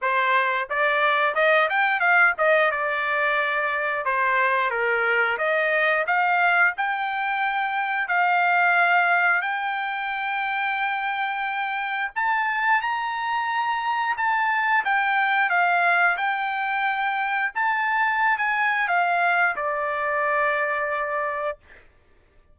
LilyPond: \new Staff \with { instrumentName = "trumpet" } { \time 4/4 \tempo 4 = 89 c''4 d''4 dis''8 g''8 f''8 dis''8 | d''2 c''4 ais'4 | dis''4 f''4 g''2 | f''2 g''2~ |
g''2 a''4 ais''4~ | ais''4 a''4 g''4 f''4 | g''2 a''4~ a''16 gis''8. | f''4 d''2. | }